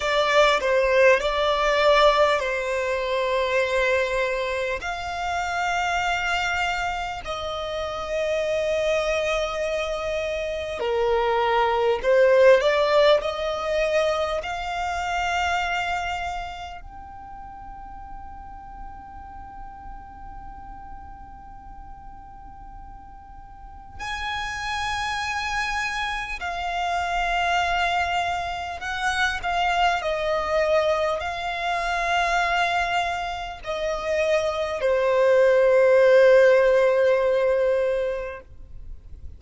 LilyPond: \new Staff \with { instrumentName = "violin" } { \time 4/4 \tempo 4 = 50 d''8 c''8 d''4 c''2 | f''2 dis''2~ | dis''4 ais'4 c''8 d''8 dis''4 | f''2 g''2~ |
g''1 | gis''2 f''2 | fis''8 f''8 dis''4 f''2 | dis''4 c''2. | }